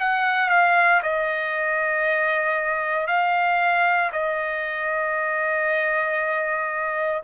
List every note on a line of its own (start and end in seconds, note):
0.00 0.49 F#5
0.49 1.01 F5
1.03 3.08 D#5
3.08 4.11 F5
4.13 7.23 D#5